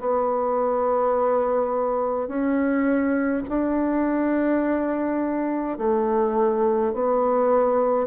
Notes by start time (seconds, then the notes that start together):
0.00 B3
2.28 C#4
3.49 D4
5.78 A3
6.93 B3